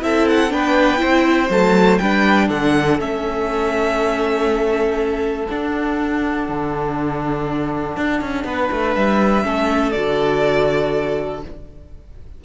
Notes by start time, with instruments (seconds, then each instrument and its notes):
0.00 cello C4, viola E4, violin A4 E5
0.28 violin F#5
0.49 cello B3, viola D4, violin B4 G5
0.97 cello C4, viola E4, violin C5
1.49 cello F#3, viola A3, violin A5
1.98 cello G3, viola D4, violin B4 G5
2.48 cello D3, violin A4 F#5
2.99 cello A3, viola C#4, violin E5
5.48 viola D4, cello D4, violin F#5
6.48 cello D3
7.96 cello D4
8.20 cello C#4
8.44 cello B3, violin B4
8.71 cello A3
8.95 cello G3, violin E5
9.43 cello A3, viola C#4, violin A4
9.91 cello D3, viola F#4, violin D5